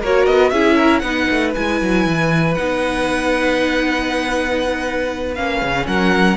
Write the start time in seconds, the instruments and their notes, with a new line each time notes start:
0.00 cello A#3, viola F#4, violin A#4 C#5
0.25 cello B3, violin D#5
0.49 cello C#4, viola E4, violin G#4 E5
0.76 violin A#4
0.99 cello B3, viola D#4, violin B4 F#5
1.30 cello A3
1.54 cello G#3, viola E4, violin G#5
1.81 cello F#3
2.06 cello E3
2.54 cello B3, viola D#4, violin F#5
5.34 cello A#3, viola C#4, violin F5
5.61 cello C#3
5.86 cello F#3, violin A#4 F#5